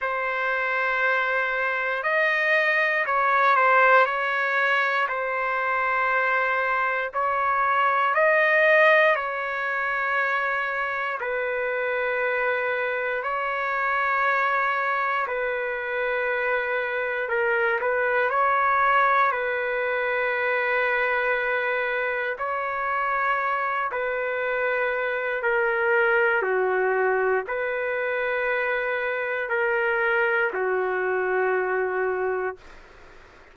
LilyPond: \new Staff \with { instrumentName = "trumpet" } { \time 4/4 \tempo 4 = 59 c''2 dis''4 cis''8 c''8 | cis''4 c''2 cis''4 | dis''4 cis''2 b'4~ | b'4 cis''2 b'4~ |
b'4 ais'8 b'8 cis''4 b'4~ | b'2 cis''4. b'8~ | b'4 ais'4 fis'4 b'4~ | b'4 ais'4 fis'2 | }